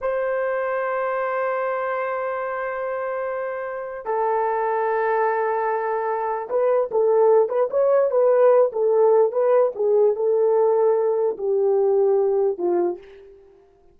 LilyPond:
\new Staff \with { instrumentName = "horn" } { \time 4/4 \tempo 4 = 148 c''1~ | c''1~ | c''2 a'2~ | a'1 |
b'4 a'4. b'8 cis''4 | b'4. a'4. b'4 | gis'4 a'2. | g'2. f'4 | }